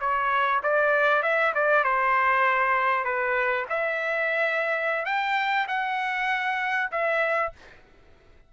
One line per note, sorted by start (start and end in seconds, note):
0.00 0.61 C#5
0.63 1.22 D5
1.22 1.53 E5
1.54 1.84 D5
1.84 3.04 C5
3.04 3.65 B4
3.69 5.05 E5
5.05 5.66 G5
5.67 6.90 F#5
6.91 7.52 E5